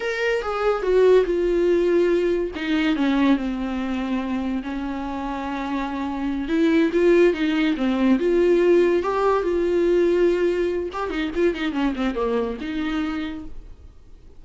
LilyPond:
\new Staff \with { instrumentName = "viola" } { \time 4/4 \tempo 4 = 143 ais'4 gis'4 fis'4 f'4~ | f'2 dis'4 cis'4 | c'2. cis'4~ | cis'2.~ cis'8 e'8~ |
e'8 f'4 dis'4 c'4 f'8~ | f'4. g'4 f'4.~ | f'2 g'8 dis'8 f'8 dis'8 | cis'8 c'8 ais4 dis'2 | }